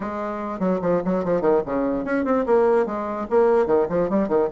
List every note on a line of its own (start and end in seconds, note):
0.00 0.59 G#3
0.59 0.79 F#3
0.81 1.01 F3
1.04 1.24 F#3
1.24 1.41 F3
1.41 1.61 D#3
1.65 2.04 C#3
2.04 2.24 C#4
2.24 2.45 C4
2.46 2.86 A#3
2.86 3.27 G#3
3.30 3.66 A#3
3.66 3.86 D#3
3.89 4.09 F3
4.09 4.28 G3
4.28 4.49 D#3